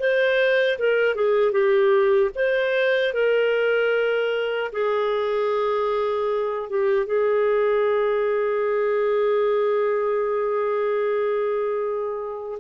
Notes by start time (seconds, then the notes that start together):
0.00 C5
0.79 A#4
1.16 G#4
1.53 G4
2.35 C5
3.14 A#4
4.73 G#4
6.70 G4
7.07 G#4